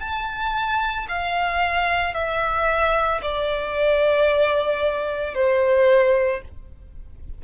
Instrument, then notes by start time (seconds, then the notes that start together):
violin
0.00 A5
1.09 F5
2.15 E5
3.22 D5
5.35 C5